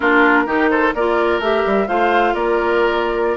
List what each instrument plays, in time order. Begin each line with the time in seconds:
0.00 bassoon A#3, clarinet D4, oboe F4, flute A#4
0.45 bassoon D#3, clarinet D#4, oboe G4
0.69 oboe A4, flute C5
0.94 bassoon A#3, clarinet F4, oboe A#4, flute D5
1.39 bassoon A3, clarinet G4, flute E5
1.66 bassoon G3
1.87 bassoon A3, clarinet F4, oboe C5, flute F5
2.33 bassoon A#3, oboe A#4, flute D5